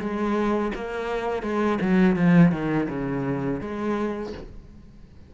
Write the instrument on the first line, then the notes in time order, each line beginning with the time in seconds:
cello
0.00 G#3
0.75 A#3
1.43 G#3
1.81 F#3
2.17 F3
2.52 D#3
2.89 C#3
3.61 G#3